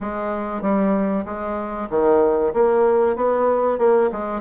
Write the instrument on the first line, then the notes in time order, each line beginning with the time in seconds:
bassoon
0.00 G#3
0.61 G3
1.25 G#3
1.89 D#3
2.53 A#3
3.16 B3
3.78 A#3
4.12 G#3